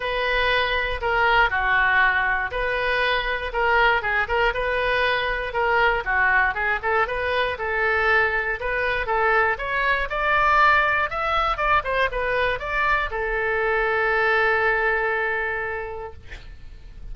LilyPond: \new Staff \with { instrumentName = "oboe" } { \time 4/4 \tempo 4 = 119 b'2 ais'4 fis'4~ | fis'4 b'2 ais'4 | gis'8 ais'8 b'2 ais'4 | fis'4 gis'8 a'8 b'4 a'4~ |
a'4 b'4 a'4 cis''4 | d''2 e''4 d''8 c''8 | b'4 d''4 a'2~ | a'1 | }